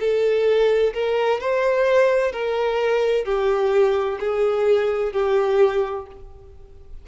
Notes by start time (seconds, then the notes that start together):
0.00 A4
0.94 A#4
1.40 C5
2.32 A#4
3.25 G4
4.20 G#4
5.13 G4